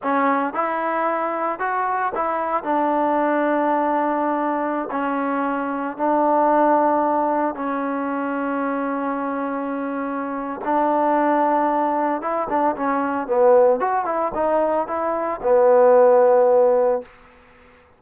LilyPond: \new Staff \with { instrumentName = "trombone" } { \time 4/4 \tempo 4 = 113 cis'4 e'2 fis'4 | e'4 d'2.~ | d'4~ d'16 cis'2 d'8.~ | d'2~ d'16 cis'4.~ cis'16~ |
cis'1 | d'2. e'8 d'8 | cis'4 b4 fis'8 e'8 dis'4 | e'4 b2. | }